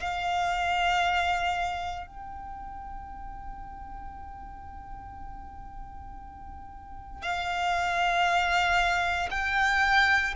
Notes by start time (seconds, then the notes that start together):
0.00 F5
2.06 G5
7.22 F5
9.31 G5